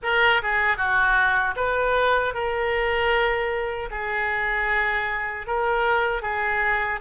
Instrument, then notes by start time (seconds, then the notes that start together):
oboe
0.02 A#4
0.42 G#4
0.77 F#4
1.56 B4
2.33 A#4
3.90 G#4
5.46 A#4
6.22 G#4